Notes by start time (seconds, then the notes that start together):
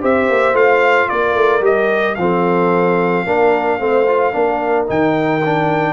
0.00 C4 G4 C5 E5
0.29 A#3
0.53 A3 F4 F5
1.09 A#3 A#4 D5
1.34 A3
1.60 G3 G4 D#5
2.15 F3 C4 A4 F5
3.25 A#3 D4 A#4
3.79 A3 C4 C5
4.07 F4
4.32 A#3 D4 A#4
4.86 D#3 D#4 G5
5.45 D4